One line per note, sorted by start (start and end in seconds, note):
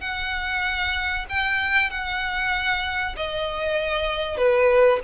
0.00 1.25 F#5
1.29 1.90 G5
1.90 3.15 F#5
3.16 4.37 D#5
4.37 4.99 B4